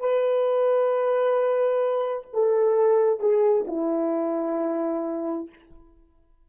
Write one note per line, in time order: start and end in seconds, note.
0.00 2.27 B4
2.34 3.21 A4
3.21 3.66 G#4
3.68 5.50 E4